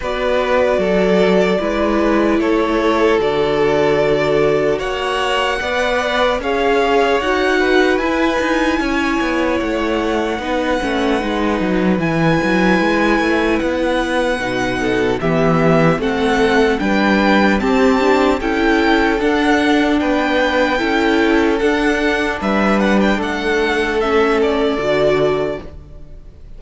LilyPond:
<<
  \new Staff \with { instrumentName = "violin" } { \time 4/4 \tempo 4 = 75 d''2. cis''4 | d''2 fis''2 | f''4 fis''4 gis''2 | fis''2. gis''4~ |
gis''4 fis''2 e''4 | fis''4 g''4 a''4 g''4 | fis''4 g''2 fis''4 | e''8 fis''16 g''16 fis''4 e''8 d''4. | }
  \new Staff \with { instrumentName = "violin" } { \time 4/4 b'4 a'4 b'4 a'4~ | a'2 cis''4 d''4 | cis''4. b'4. cis''4~ | cis''4 b'2.~ |
b'2~ b'8 a'8 g'4 | a'4 b'4 g'4 a'4~ | a'4 b'4 a'2 | b'4 a'2. | }
  \new Staff \with { instrumentName = "viola" } { \time 4/4 fis'2 e'2 | fis'2. b'4 | gis'4 fis'4 e'2~ | e'4 dis'8 cis'8 dis'4 e'4~ |
e'2 dis'4 b4 | c'4 d'4 c'8 d'8 e'4 | d'2 e'4 d'4~ | d'2 cis'4 fis'4 | }
  \new Staff \with { instrumentName = "cello" } { \time 4/4 b4 fis4 gis4 a4 | d2 ais4 b4 | cis'4 dis'4 e'8 dis'8 cis'8 b8 | a4 b8 a8 gis8 fis8 e8 fis8 |
gis8 a8 b4 b,4 e4 | a4 g4 c'4 cis'4 | d'4 b4 cis'4 d'4 | g4 a2 d4 | }
>>